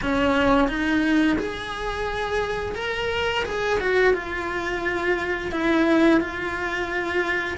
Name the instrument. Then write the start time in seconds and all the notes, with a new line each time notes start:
cello
0.02 C#4
0.68 D#4
1.38 G#4
2.75 A#4
3.44 G#4
3.80 F#4
4.13 F4
5.51 E4
6.20 F4